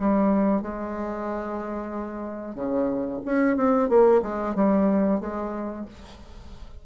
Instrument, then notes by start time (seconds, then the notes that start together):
bassoon
0.00 G3
0.63 G#3
2.56 C#3
3.26 C#4
3.57 C4
3.89 A#3
4.23 G#3
4.56 G3
5.21 G#3